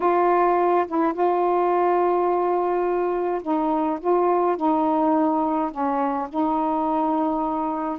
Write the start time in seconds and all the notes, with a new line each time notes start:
0.00 F4
0.87 E4
1.13 F4
3.42 D#4
4.00 F4
4.56 D#4
5.71 C#4
6.29 D#4